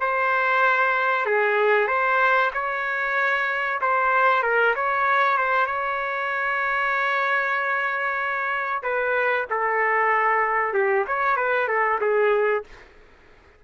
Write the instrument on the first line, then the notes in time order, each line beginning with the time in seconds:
trumpet
0.00 C5
1.25 G#4
1.87 C5
2.53 C#5
3.81 C5
4.42 A#4
4.75 C#5
5.37 C5
5.66 C#5
8.82 B4
9.50 A4
10.73 G4
11.07 C#5
11.36 B4
11.68 A4
12.00 G#4